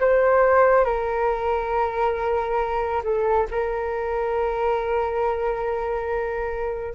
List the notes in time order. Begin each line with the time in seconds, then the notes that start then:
0.00 C5
0.85 A#4
3.04 A4
3.51 A#4